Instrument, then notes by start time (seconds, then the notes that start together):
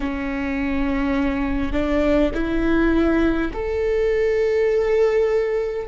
viola
0.00 C#4
1.72 D4
2.34 E4
3.53 A4